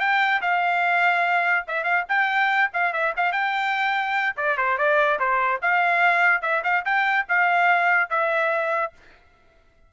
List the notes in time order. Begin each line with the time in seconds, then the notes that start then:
0.00 G5
0.42 F5
1.68 E5
1.84 F5
2.09 G5
2.74 F5
2.93 E5
3.17 F5
3.33 G5
4.37 D5
4.58 C5
4.78 D5
5.19 C5
5.62 F5
6.42 E5
6.64 F5
6.85 G5
7.29 F5
8.10 E5